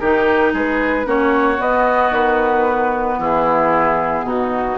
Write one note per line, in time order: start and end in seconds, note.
0.00 0.54 D#3
0.00 1.06 D#4
0.00 0.54 G4
0.00 0.53 A#4
0.54 1.06 G#3
0.54 1.07 G#4
0.54 1.10 B4
1.06 1.59 A#3
1.06 1.58 C#4
1.06 3.19 F#4
1.06 1.62 C#5
1.58 4.76 B3
1.58 2.11 B3
1.58 2.15 D#5
2.11 3.17 D#3
2.11 3.21 B4
3.19 4.23 E3
3.19 4.26 E4
3.19 4.29 G#4
4.23 4.76 B2
4.23 4.79 D#4
4.23 4.79 F#4